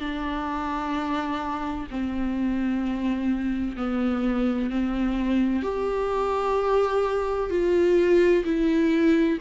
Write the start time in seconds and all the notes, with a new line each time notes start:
0.00 D4
1.91 C4
3.77 B3
4.71 C4
5.63 G4
7.50 F4
8.45 E4